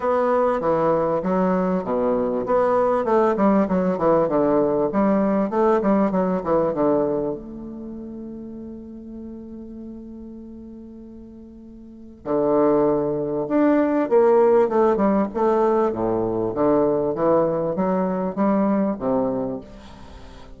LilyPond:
\new Staff \with { instrumentName = "bassoon" } { \time 4/4 \tempo 4 = 98 b4 e4 fis4 b,4 | b4 a8 g8 fis8 e8 d4 | g4 a8 g8 fis8 e8 d4 | a1~ |
a1 | d2 d'4 ais4 | a8 g8 a4 a,4 d4 | e4 fis4 g4 c4 | }